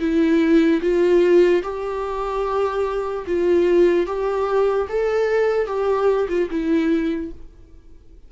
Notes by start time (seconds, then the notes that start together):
0.00 E4
0.82 F4
1.63 G4
3.27 F4
4.07 G4
4.89 A4
5.67 G4
6.29 F4
6.51 E4